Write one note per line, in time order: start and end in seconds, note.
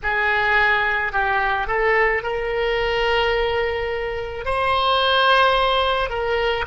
0.03 1.12 G#4
1.12 1.67 G4
1.67 2.22 A4
2.22 4.44 A#4
4.45 6.09 C5
6.09 6.65 A#4